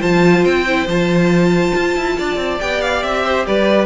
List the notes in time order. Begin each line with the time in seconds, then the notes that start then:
0.00 F3 F4 C5 A5
0.45 C4 G5
0.67 E4
0.87 F3 F4 A5
1.76 F4
1.96 E4
2.18 D4 D5
2.36 C4
2.60 B3 G4 G5
2.81 F5
3.03 C4 E5
3.25 C5
3.47 G3 B4 D5